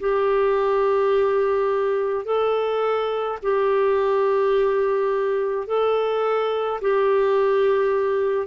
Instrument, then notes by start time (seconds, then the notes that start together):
clarinet
0.00 G4
2.25 A4
3.43 G4
5.67 A4
6.81 G4